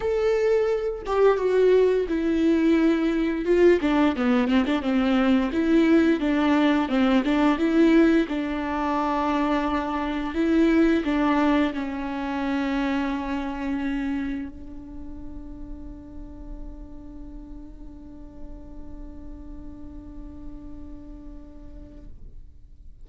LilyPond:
\new Staff \with { instrumentName = "viola" } { \time 4/4 \tempo 4 = 87 a'4. g'8 fis'4 e'4~ | e'4 f'8 d'8 b8 c'16 d'16 c'4 | e'4 d'4 c'8 d'8 e'4 | d'2. e'4 |
d'4 cis'2.~ | cis'4 d'2.~ | d'1~ | d'1 | }